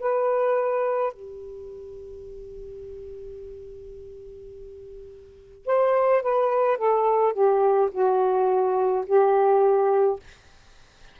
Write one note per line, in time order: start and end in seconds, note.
0.00 1.13 B4
1.13 5.66 G4
5.66 6.22 C5
6.22 6.78 B4
6.78 7.33 A4
7.33 7.90 G4
7.92 9.05 F#4
9.07 10.20 G4